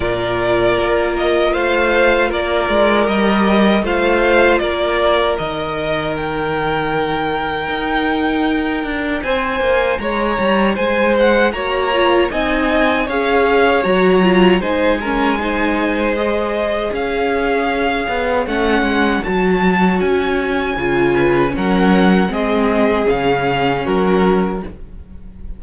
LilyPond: <<
  \new Staff \with { instrumentName = "violin" } { \time 4/4 \tempo 4 = 78 d''4. dis''8 f''4 d''4 | dis''4 f''4 d''4 dis''4 | g''1 | gis''4 ais''4 gis''8 fis''8 ais''4 |
gis''4 f''4 ais''4 gis''4~ | gis''4 dis''4 f''2 | fis''4 a''4 gis''2 | fis''4 dis''4 f''4 ais'4 | }
  \new Staff \with { instrumentName = "violin" } { \time 4/4 ais'2 c''4 ais'4~ | ais'4 c''4 ais'2~ | ais'1 | c''4 cis''4 c''4 cis''4 |
dis''4 cis''2 c''8 ais'8 | c''2 cis''2~ | cis''2.~ cis''8 b'8 | ais'4 gis'2 fis'4 | }
  \new Staff \with { instrumentName = "viola" } { \time 4/4 f'1 | g'4 f'2 dis'4~ | dis'1~ | dis'2. fis'8 f'8 |
dis'4 gis'4 fis'8 f'8 dis'8 cis'8 | dis'4 gis'2. | cis'4 fis'2 f'4 | cis'4 c'4 cis'2 | }
  \new Staff \with { instrumentName = "cello" } { \time 4/4 ais,4 ais4 a4 ais8 gis8 | g4 a4 ais4 dis4~ | dis2 dis'4. d'8 | c'8 ais8 gis8 g8 gis4 ais4 |
c'4 cis'4 fis4 gis4~ | gis2 cis'4. b8 | a8 gis8 fis4 cis'4 cis4 | fis4 gis4 cis4 fis4 | }
>>